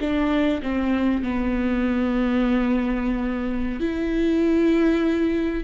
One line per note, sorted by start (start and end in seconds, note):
0.00 0.61 D4
0.62 1.23 C4
1.23 3.80 B3
3.80 5.64 E4